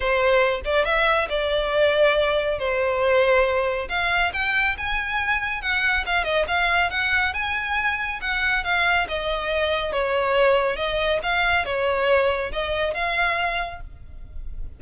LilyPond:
\new Staff \with { instrumentName = "violin" } { \time 4/4 \tempo 4 = 139 c''4. d''8 e''4 d''4~ | d''2 c''2~ | c''4 f''4 g''4 gis''4~ | gis''4 fis''4 f''8 dis''8 f''4 |
fis''4 gis''2 fis''4 | f''4 dis''2 cis''4~ | cis''4 dis''4 f''4 cis''4~ | cis''4 dis''4 f''2 | }